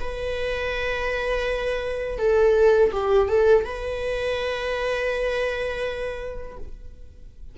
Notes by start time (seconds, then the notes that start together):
0.00 B4
2.19 A4
2.92 G4
3.28 A4
3.65 B4